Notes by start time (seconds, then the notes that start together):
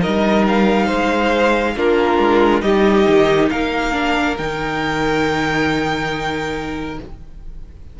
0.00 G3 D#4 A#4 D#5
0.48 F5
0.86 G#3 C5
1.76 A#3 D4 F4 A#4
2.18 G#3
2.61 G3 D#4 G4 D#5
3.07 D#3
3.50 A#3 A#4 F5
3.92 D4
4.37 D#3 D#4 G5